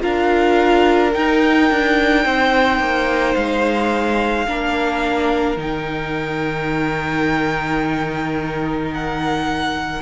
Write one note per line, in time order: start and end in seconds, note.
0.00 1.15 D4
0.00 1.11 F4
0.00 2.24 A#4
0.00 1.13 F5
1.13 4.46 D#4
1.13 1.71 D#4
1.13 3.35 G5
1.71 2.25 D4
2.24 2.80 C4
2.24 4.47 C5
2.80 3.35 A#3
3.35 4.47 G#3
3.35 5.57 F5
4.47 5.57 A#3
4.47 5.58 D4
4.47 10.02 A#4
5.57 10.01 D#3
5.57 10.02 D#4
5.57 8.94 G5
8.94 10.02 F#5